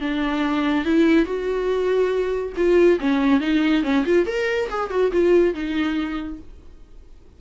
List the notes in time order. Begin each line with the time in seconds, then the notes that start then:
0.00 D4
0.85 E4
1.25 F#4
2.56 F4
2.99 C#4
3.40 D#4
3.83 C#4
4.05 F4
4.26 A#4
4.69 G#4
4.90 F#4
5.11 F4
5.54 D#4